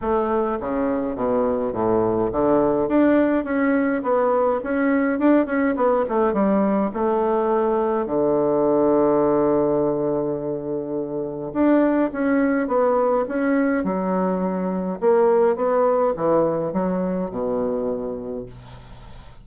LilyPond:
\new Staff \with { instrumentName = "bassoon" } { \time 4/4 \tempo 4 = 104 a4 cis4 b,4 a,4 | d4 d'4 cis'4 b4 | cis'4 d'8 cis'8 b8 a8 g4 | a2 d2~ |
d1 | d'4 cis'4 b4 cis'4 | fis2 ais4 b4 | e4 fis4 b,2 | }